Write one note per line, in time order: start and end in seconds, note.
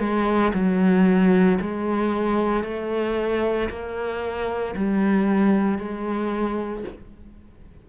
0.00 0.53 G#3
0.54 1.59 F#3
1.61 2.64 G#3
2.64 3.69 A3
3.70 4.75 A#3
4.76 5.78 G3
5.78 6.84 G#3